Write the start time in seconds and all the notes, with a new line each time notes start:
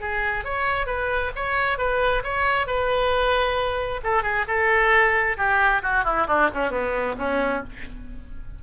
0.00 G#4
0.44 C#5
0.86 B4
1.35 C#5
1.77 B4
2.23 C#5
2.66 B4
4.03 A4
4.23 G#4
4.47 A4
5.37 G4
5.82 F#4
6.04 E4
6.27 D4
6.53 C#4
6.70 B3
7.18 C#4